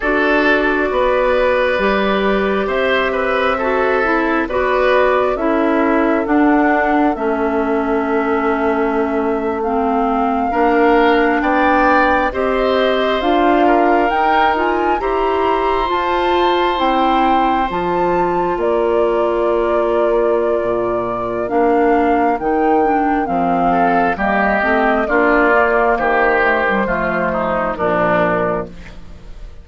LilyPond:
<<
  \new Staff \with { instrumentName = "flute" } { \time 4/4 \tempo 4 = 67 d''2. e''4~ | e''4 d''4 e''4 fis''4 | e''2~ e''8. f''4~ f''16~ | f''8. g''4 dis''4 f''4 g''16~ |
g''16 gis''8 ais''4 a''4 g''4 a''16~ | a''8. d''2.~ d''16 | f''4 g''4 f''4 dis''4 | d''4 c''2 ais'4 | }
  \new Staff \with { instrumentName = "oboe" } { \time 4/4 a'4 b'2 c''8 b'8 | a'4 b'4 a'2~ | a'2.~ a'8. ais'16~ | ais'8. d''4 c''4. ais'8.~ |
ais'8. c''2.~ c''16~ | c''8. ais'2.~ ais'16~ | ais'2~ ais'8 a'8 g'4 | f'4 g'4 f'8 dis'8 d'4 | }
  \new Staff \with { instrumentName = "clarinet" } { \time 4/4 fis'2 g'2 | fis'8 e'8 fis'4 e'4 d'4 | cis'2~ cis'8. c'4 d'16~ | d'4.~ d'16 g'4 f'4 dis'16~ |
dis'16 f'8 g'4 f'4 e'4 f'16~ | f'1 | d'4 dis'8 d'8 c'4 ais8 c'8 | d'8 ais4 a16 g16 a4 f4 | }
  \new Staff \with { instrumentName = "bassoon" } { \time 4/4 d'4 b4 g4 c'4~ | c'4 b4 cis'4 d'4 | a2.~ a8. ais16~ | ais8. b4 c'4 d'4 dis'16~ |
dis'8. e'4 f'4 c'4 f16~ | f8. ais2~ ais16 ais,4 | ais4 dis4 f4 g8 a8 | ais4 dis4 f4 ais,4 | }
>>